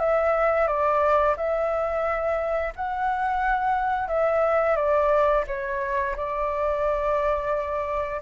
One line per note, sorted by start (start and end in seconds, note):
0.00 0.67 E5
0.67 1.35 D5
1.37 2.73 E5
2.76 4.08 F#5
4.08 4.76 E5
4.76 5.44 D5
5.48 6.16 C#5
6.17 8.21 D5